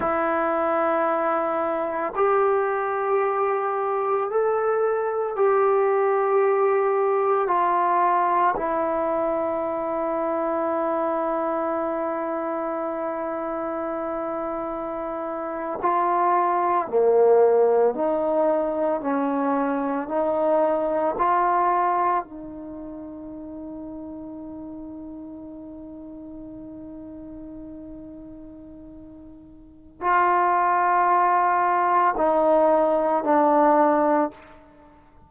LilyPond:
\new Staff \with { instrumentName = "trombone" } { \time 4/4 \tempo 4 = 56 e'2 g'2 | a'4 g'2 f'4 | e'1~ | e'2~ e'8. f'4 ais16~ |
ais8. dis'4 cis'4 dis'4 f'16~ | f'8. dis'2.~ dis'16~ | dis'1 | f'2 dis'4 d'4 | }